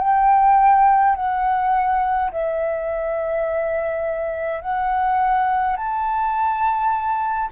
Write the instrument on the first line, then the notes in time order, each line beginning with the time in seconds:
flute
0.00 G5
1.16 F#5
2.32 E5
4.61 F#5
5.76 A5